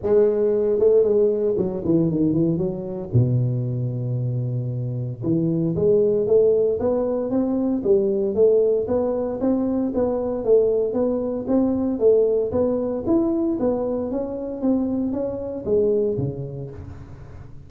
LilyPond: \new Staff \with { instrumentName = "tuba" } { \time 4/4 \tempo 4 = 115 gis4. a8 gis4 fis8 e8 | dis8 e8 fis4 b,2~ | b,2 e4 gis4 | a4 b4 c'4 g4 |
a4 b4 c'4 b4 | a4 b4 c'4 a4 | b4 e'4 b4 cis'4 | c'4 cis'4 gis4 cis4 | }